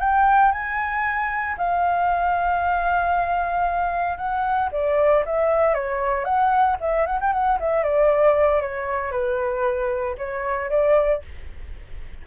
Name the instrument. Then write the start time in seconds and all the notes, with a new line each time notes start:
flute
0.00 G5
0.52 G#5
1.58 F5
4.17 F#5
4.72 D5
5.26 E5
5.74 C#5
6.25 F#5
6.81 E5
7.06 F#5
7.21 G5
7.33 F#5
7.60 E5
7.84 D5
8.62 C#5
9.12 B4
10.18 C#5
10.70 D5